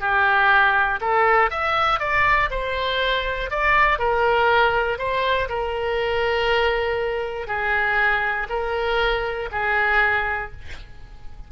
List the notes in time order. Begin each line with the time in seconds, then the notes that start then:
0.00 G4
1.00 A4
1.50 E5
2.00 D5
2.50 C5
3.50 D5
3.98 A#4
4.98 C5
5.49 A#4
7.47 G#4
8.49 A#4
9.51 G#4